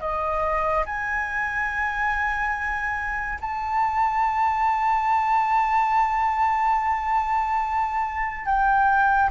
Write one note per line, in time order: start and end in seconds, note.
0.00 0.85 D#5
0.85 3.39 G#5
3.41 8.45 A5
8.45 9.30 G5